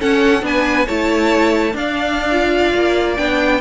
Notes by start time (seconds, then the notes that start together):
0.00 C#4 A4 F#5
0.42 B3 D4 G#5
0.48 B4
0.87 A3 E4 C#5 A5
1.73 D4 D5 F5
2.32 F4
2.75 A#3
3.17 B3 D4 G5